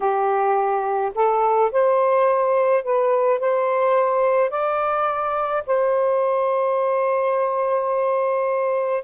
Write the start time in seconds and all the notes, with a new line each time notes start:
0.00 G4
1.14 A4
1.71 C5
2.83 B4
3.40 C5
4.50 D5
5.66 C5